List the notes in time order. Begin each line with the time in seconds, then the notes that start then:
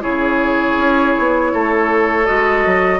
0.00 C#3 E4 G#4 C#5
0.77 C#4
1.18 B3
1.53 A3 A4
2.25 G#3 F#4 D#5
2.65 F#3